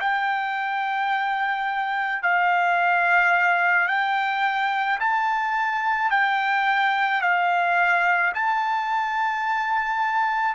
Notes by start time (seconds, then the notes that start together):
0.00 G5
2.22 F5
3.88 G5
4.99 A5
6.10 G5
7.21 F5
8.34 A5